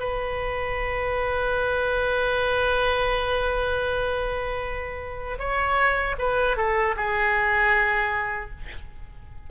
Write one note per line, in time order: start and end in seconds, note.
0.00 5.38 B4
5.39 6.16 C#5
6.19 6.57 B4
6.57 6.95 A4
6.97 8.51 G#4